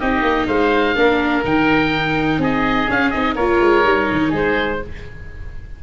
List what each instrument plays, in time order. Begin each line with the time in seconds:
0.00 tuba C4, viola D#4, oboe G4 D#5
0.22 tuba A#3
0.47 tuba G#3, oboe C5 F5
0.95 tuba A#3, viola D4, oboe A#4
1.44 tuba D#3, viola D#4, oboe G5
2.38 tuba C4, oboe G#4 D#5
2.87 viola C#4, tuba C#4, oboe F5
3.10 tuba C4, viola D#4, oboe D#5
3.35 tuba A#3, viola F4, oboe A#4 C#5
3.60 tuba G#3
3.84 tuba G3, viola D#4
4.12 tuba D#3
4.29 tuba G#3, oboe G#4 C5